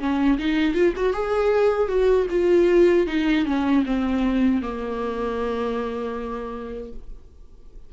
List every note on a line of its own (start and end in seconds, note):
0.00 0.38 C#4
0.39 0.75 D#4
0.75 0.94 F4
0.97 1.14 F#4
1.14 1.88 G#4
1.88 2.27 F#4
2.30 3.07 F4
3.07 3.46 D#4
3.46 3.85 C#4
3.86 4.62 C4
4.62 6.93 A#3